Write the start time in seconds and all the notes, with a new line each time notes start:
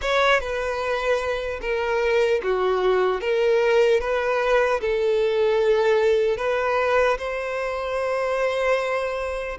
0.01 C#5
0.40 B4
1.61 A#4
2.43 F#4
3.20 A#4
4.00 B4
4.80 A4
6.37 B4
7.18 C5